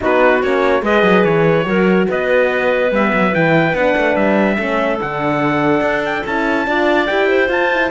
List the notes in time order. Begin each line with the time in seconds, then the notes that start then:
0.00 B3 D#4 F#4 B4
0.42 A#3 C#4 C#5
0.82 G#3 G#4 B4 D#5
1.02 F#3
1.24 E3 C#5
1.63 F#3 F#4 A#4
2.08 B3 B4 D#5
2.91 G3 B3 E5
3.13 F#3
3.32 E3 E4 G5
3.73 B3 D4 F#5
3.96 A3
4.15 G3 E5
4.57 A3 C#4 A4
5.00 D3 D4 F#5
5.80 D4
6.05 G5
6.26 C#4 E4 A5
6.66 D4 F4 D5
7.06 E4 G4 G5
7.28 C5
7.48 F4 A5
7.72 E4